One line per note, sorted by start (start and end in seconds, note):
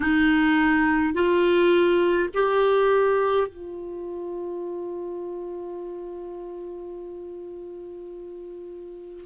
0.00 1.13 D#4
1.13 2.29 F4
2.34 3.47 G4
3.47 9.24 F4